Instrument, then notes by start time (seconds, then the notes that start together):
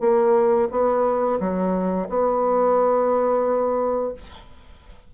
bassoon
0.00 A#3
0.71 B3
1.40 F#3
2.09 B3